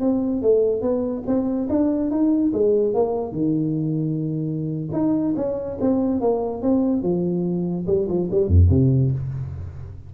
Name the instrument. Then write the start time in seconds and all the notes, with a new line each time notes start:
tuba
0.00 C4
0.42 A3
0.81 B3
1.26 C4
1.69 D4
2.11 D#4
2.53 G#3
2.94 A#3
3.32 D#3
4.92 D#4
5.36 C#4
5.81 C4
6.21 A#3
6.62 C4
7.02 F3
7.87 G3
8.08 F3
8.31 G3
8.47 F2
8.70 C3